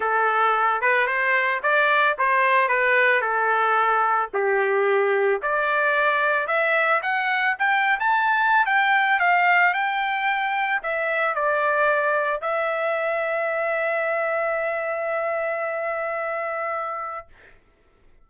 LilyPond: \new Staff \with { instrumentName = "trumpet" } { \time 4/4 \tempo 4 = 111 a'4. b'8 c''4 d''4 | c''4 b'4 a'2 | g'2 d''2 | e''4 fis''4 g''8. a''4~ a''16 |
g''4 f''4 g''2 | e''4 d''2 e''4~ | e''1~ | e''1 | }